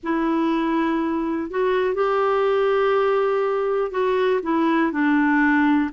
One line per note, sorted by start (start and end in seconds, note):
0.03 1.50 E4
1.50 1.94 F#4
1.94 3.91 G4
3.91 4.40 F#4
4.43 4.92 E4
4.92 5.90 D4